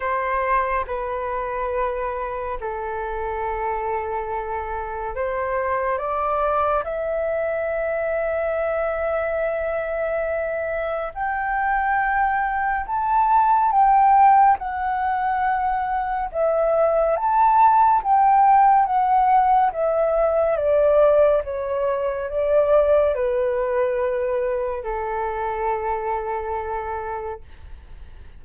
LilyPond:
\new Staff \with { instrumentName = "flute" } { \time 4/4 \tempo 4 = 70 c''4 b'2 a'4~ | a'2 c''4 d''4 | e''1~ | e''4 g''2 a''4 |
g''4 fis''2 e''4 | a''4 g''4 fis''4 e''4 | d''4 cis''4 d''4 b'4~ | b'4 a'2. | }